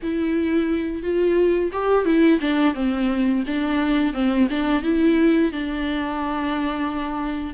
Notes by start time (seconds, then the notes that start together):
0.02 E4
1.02 F4
1.72 G4
2.05 E4
2.40 D4
2.74 C4
3.46 D4
4.13 C4
4.50 D4
4.82 E4
5.51 D4